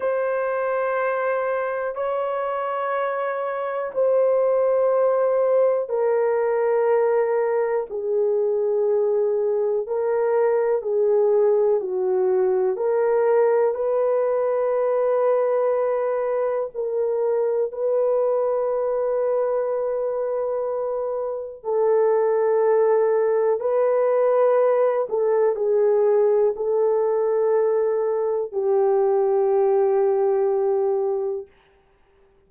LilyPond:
\new Staff \with { instrumentName = "horn" } { \time 4/4 \tempo 4 = 61 c''2 cis''2 | c''2 ais'2 | gis'2 ais'4 gis'4 | fis'4 ais'4 b'2~ |
b'4 ais'4 b'2~ | b'2 a'2 | b'4. a'8 gis'4 a'4~ | a'4 g'2. | }